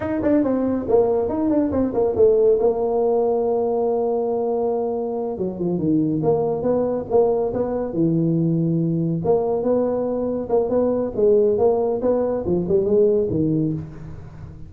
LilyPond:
\new Staff \with { instrumentName = "tuba" } { \time 4/4 \tempo 4 = 140 dis'8 d'8 c'4 ais4 dis'8 d'8 | c'8 ais8 a4 ais2~ | ais1~ | ais8 fis8 f8 dis4 ais4 b8~ |
b8 ais4 b4 e4.~ | e4. ais4 b4.~ | b8 ais8 b4 gis4 ais4 | b4 f8 g8 gis4 dis4 | }